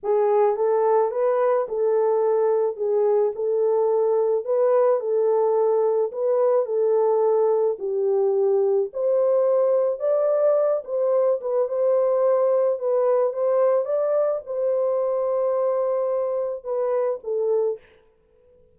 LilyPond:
\new Staff \with { instrumentName = "horn" } { \time 4/4 \tempo 4 = 108 gis'4 a'4 b'4 a'4~ | a'4 gis'4 a'2 | b'4 a'2 b'4 | a'2 g'2 |
c''2 d''4. c''8~ | c''8 b'8 c''2 b'4 | c''4 d''4 c''2~ | c''2 b'4 a'4 | }